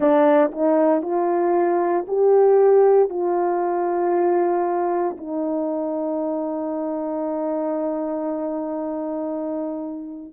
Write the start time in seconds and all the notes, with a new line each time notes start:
0.00 D4
0.51 D#4
1.02 F4
2.07 G4
3.09 F4
5.17 D#4